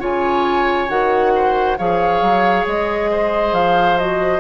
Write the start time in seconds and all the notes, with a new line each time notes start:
0.00 C#3 F4 C#5 G#5
0.88 D#3 F#4 F#5
1.36 C5
1.78 F3 G#4 C#5 F5
2.22 F#3
2.67 G#3 D#5
3.11 C5
3.53 F3 F5
3.99 F#4 D#5